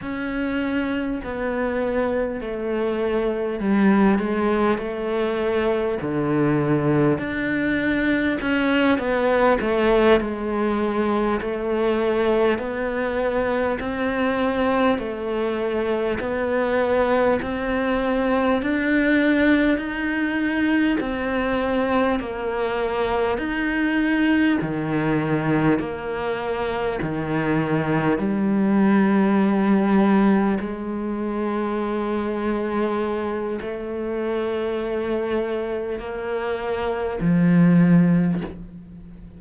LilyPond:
\new Staff \with { instrumentName = "cello" } { \time 4/4 \tempo 4 = 50 cis'4 b4 a4 g8 gis8 | a4 d4 d'4 cis'8 b8 | a8 gis4 a4 b4 c'8~ | c'8 a4 b4 c'4 d'8~ |
d'8 dis'4 c'4 ais4 dis'8~ | dis'8 dis4 ais4 dis4 g8~ | g4. gis2~ gis8 | a2 ais4 f4 | }